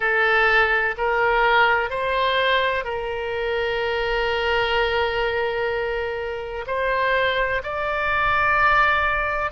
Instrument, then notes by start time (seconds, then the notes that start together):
oboe
0.00 A4
0.97 A#4
1.90 C5
2.84 A#4
6.67 C5
7.63 D5